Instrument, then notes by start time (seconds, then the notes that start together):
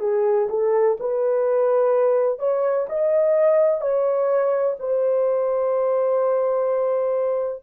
horn
0.00 G#4
0.49 A4
1.00 B4
2.39 C#5
2.89 D#5
3.81 C#5
4.79 C5